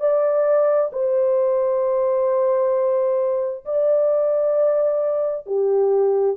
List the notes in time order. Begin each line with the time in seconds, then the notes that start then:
0.00 D5
0.92 C5
3.65 D5
5.46 G4